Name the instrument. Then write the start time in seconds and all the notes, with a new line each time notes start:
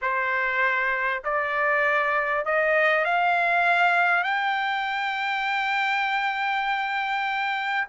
trumpet
0.01 C5
1.23 D5
2.45 D#5
3.04 F5
4.23 G5